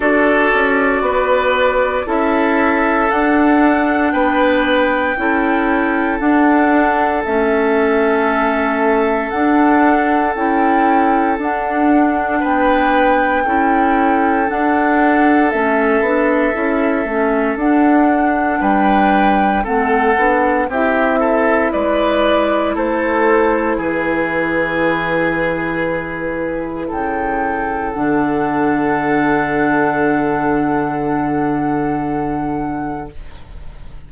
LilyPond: <<
  \new Staff \with { instrumentName = "flute" } { \time 4/4 \tempo 4 = 58 d''2 e''4 fis''4 | g''2 fis''4 e''4~ | e''4 fis''4 g''4 fis''4 | g''2 fis''4 e''4~ |
e''4 fis''4 g''4 fis''4 | e''4 d''4 c''4 b'4~ | b'2 g''4 fis''4~ | fis''1 | }
  \new Staff \with { instrumentName = "oboe" } { \time 4/4 a'4 b'4 a'2 | b'4 a'2.~ | a'1 | b'4 a'2.~ |
a'2 b'4 a'4 | g'8 a'8 b'4 a'4 gis'4~ | gis'2 a'2~ | a'1 | }
  \new Staff \with { instrumentName = "clarinet" } { \time 4/4 fis'2 e'4 d'4~ | d'4 e'4 d'4 cis'4~ | cis'4 d'4 e'4 d'4~ | d'4 e'4 d'4 cis'8 d'8 |
e'8 cis'8 d'2 c'8 d'8 | e'1~ | e'2. d'4~ | d'1 | }
  \new Staff \with { instrumentName = "bassoon" } { \time 4/4 d'8 cis'8 b4 cis'4 d'4 | b4 cis'4 d'4 a4~ | a4 d'4 cis'4 d'4 | b4 cis'4 d'4 a8 b8 |
cis'8 a8 d'4 g4 a8 b8 | c'4 gis4 a4 e4~ | e2 cis4 d4~ | d1 | }
>>